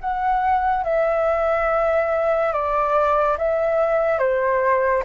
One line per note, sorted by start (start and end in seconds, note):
0.00 0.83 F#5
0.83 2.52 E5
2.52 3.37 D5
3.38 4.18 E5
4.18 5.03 C5